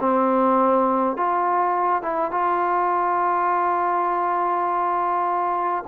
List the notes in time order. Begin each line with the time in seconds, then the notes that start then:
0.00 C4
1.17 F4
2.03 E4
2.32 F4